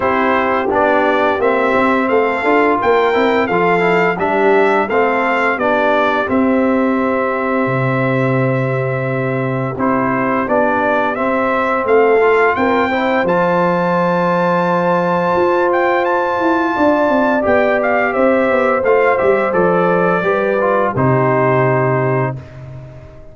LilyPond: <<
  \new Staff \with { instrumentName = "trumpet" } { \time 4/4 \tempo 4 = 86 c''4 d''4 e''4 f''4 | g''4 f''4 e''4 f''4 | d''4 e''2.~ | e''2 c''4 d''4 |
e''4 f''4 g''4 a''4~ | a''2~ a''8 g''8 a''4~ | a''4 g''8 f''8 e''4 f''8 e''8 | d''2 c''2 | }
  \new Staff \with { instrumentName = "horn" } { \time 4/4 g'2. a'4 | ais'4 a'4 g'4 a'4 | g'1~ | g'1~ |
g'4 a'4 ais'8 c''4.~ | c''1 | d''2 c''2~ | c''4 b'4 g'2 | }
  \new Staff \with { instrumentName = "trombone" } { \time 4/4 e'4 d'4 c'4. f'8~ | f'8 e'8 f'8 e'8 d'4 c'4 | d'4 c'2.~ | c'2 e'4 d'4 |
c'4. f'4 e'8 f'4~ | f'1~ | f'4 g'2 f'8 g'8 | a'4 g'8 f'8 dis'2 | }
  \new Staff \with { instrumentName = "tuba" } { \time 4/4 c'4 b4 ais8 c'8 a8 d'8 | ais8 c'8 f4 g4 a4 | b4 c'2 c4~ | c2 c'4 b4 |
c'4 a4 c'4 f4~ | f2 f'4. e'8 | d'8 c'8 b4 c'8 b8 a8 g8 | f4 g4 c2 | }
>>